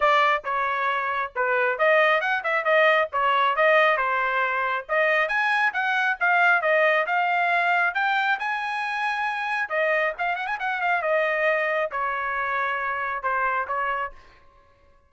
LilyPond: \new Staff \with { instrumentName = "trumpet" } { \time 4/4 \tempo 4 = 136 d''4 cis''2 b'4 | dis''4 fis''8 e''8 dis''4 cis''4 | dis''4 c''2 dis''4 | gis''4 fis''4 f''4 dis''4 |
f''2 g''4 gis''4~ | gis''2 dis''4 f''8 fis''16 gis''16 | fis''8 f''8 dis''2 cis''4~ | cis''2 c''4 cis''4 | }